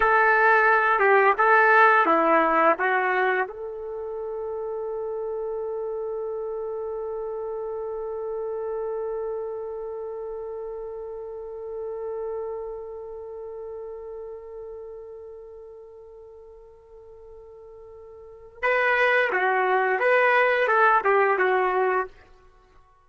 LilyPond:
\new Staff \with { instrumentName = "trumpet" } { \time 4/4 \tempo 4 = 87 a'4. g'8 a'4 e'4 | fis'4 a'2.~ | a'1~ | a'1~ |
a'1~ | a'1~ | a'2. b'4 | fis'4 b'4 a'8 g'8 fis'4 | }